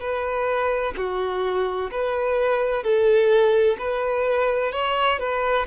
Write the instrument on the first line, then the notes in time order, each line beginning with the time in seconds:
violin
0.00 B4
0.97 F#4
1.91 B4
2.83 A4
3.79 B4
4.72 C#5
5.19 B4